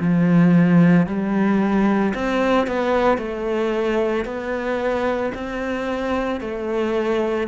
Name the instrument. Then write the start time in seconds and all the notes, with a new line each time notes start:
cello
0.00 F3
1.07 G3
2.14 C4
2.67 B3
3.18 A3
4.25 B3
5.35 C4
6.41 A3